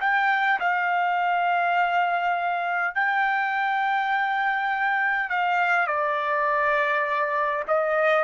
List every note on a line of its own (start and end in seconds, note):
0.00 0.59 G5
0.59 2.95 F5
2.95 5.29 G5
5.29 5.87 F5
5.87 7.63 D5
7.68 8.24 D#5